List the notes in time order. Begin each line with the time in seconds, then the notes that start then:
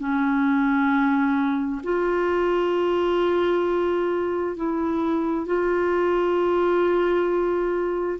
0.00 C#4
1.84 F4
4.57 E4
5.47 F4